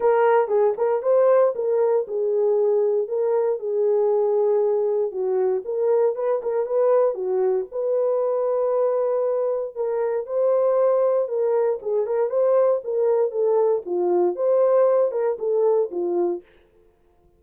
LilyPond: \new Staff \with { instrumentName = "horn" } { \time 4/4 \tempo 4 = 117 ais'4 gis'8 ais'8 c''4 ais'4 | gis'2 ais'4 gis'4~ | gis'2 fis'4 ais'4 | b'8 ais'8 b'4 fis'4 b'4~ |
b'2. ais'4 | c''2 ais'4 gis'8 ais'8 | c''4 ais'4 a'4 f'4 | c''4. ais'8 a'4 f'4 | }